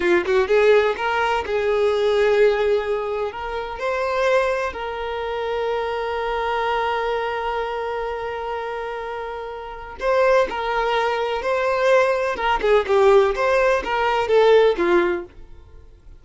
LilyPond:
\new Staff \with { instrumentName = "violin" } { \time 4/4 \tempo 4 = 126 f'8 fis'8 gis'4 ais'4 gis'4~ | gis'2. ais'4 | c''2 ais'2~ | ais'1~ |
ais'1~ | ais'4 c''4 ais'2 | c''2 ais'8 gis'8 g'4 | c''4 ais'4 a'4 f'4 | }